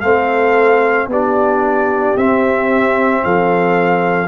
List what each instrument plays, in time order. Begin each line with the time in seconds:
0.00 tuba A3, trombone C4, horn A4, trumpet F5
1.06 tuba B3, trombone D4, horn G4, trumpet D5
2.16 tuba C4, trombone C4, trumpet E5
3.23 tuba F3, horn A4, trumpet F5